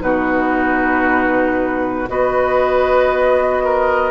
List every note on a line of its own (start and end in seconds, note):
0.00 2.08 B2
0.00 2.07 D#4
0.00 2.09 F#4
0.00 2.08 B4
2.08 4.11 B3
2.08 4.11 F#4
2.08 3.63 B4
2.08 4.11 D#5
3.63 4.11 A#4